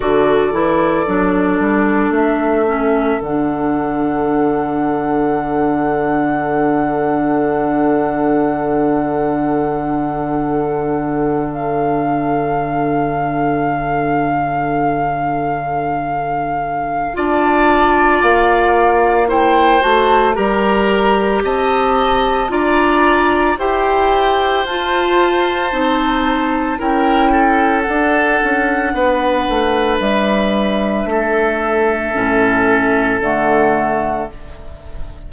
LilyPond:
<<
  \new Staff \with { instrumentName = "flute" } { \time 4/4 \tempo 4 = 56 d''2 e''4 fis''4~ | fis''1~ | fis''2~ fis''8. f''4~ f''16~ | f''1 |
a''4 f''4 g''8 a''8 ais''4 | a''4 ais''4 g''4 a''4~ | a''4 g''4 fis''2 | e''2. fis''4 | }
  \new Staff \with { instrumentName = "oboe" } { \time 4/4 a'1~ | a'1~ | a'1~ | a'1 |
d''2 c''4 ais'4 | dis''4 d''4 c''2~ | c''4 ais'8 a'4. b'4~ | b'4 a'2. | }
  \new Staff \with { instrumentName = "clarinet" } { \time 4/4 fis'8 e'8 d'4. cis'8 d'4~ | d'1~ | d'1~ | d'1 |
f'2 e'8 fis'8 g'4~ | g'4 f'4 g'4 f'4 | dis'4 e'4 d'2~ | d'2 cis'4 a4 | }
  \new Staff \with { instrumentName = "bassoon" } { \time 4/4 d8 e8 fis8 g8 a4 d4~ | d1~ | d1~ | d1 |
d'4 ais4. a8 g4 | c'4 d'4 e'4 f'4 | c'4 cis'4 d'8 cis'8 b8 a8 | g4 a4 a,4 d4 | }
>>